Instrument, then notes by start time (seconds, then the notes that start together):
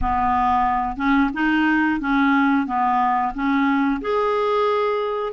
clarinet
0.01 B3
0.97 C#4
1.33 D#4
2.00 C#4
2.66 B3
3.34 C#4
4.01 G#4